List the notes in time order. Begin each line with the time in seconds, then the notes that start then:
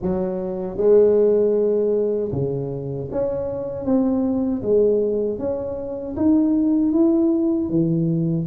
0.02 F#3
0.77 G#3
2.31 C#3
3.11 C#4
3.85 C4
4.62 G#3
5.38 C#4
6.16 D#4
6.92 E4
7.69 E3